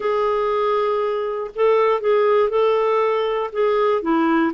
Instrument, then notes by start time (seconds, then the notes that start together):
clarinet
0.00 G#4
1.55 A4
2.00 G#4
2.49 A4
3.52 G#4
4.02 E4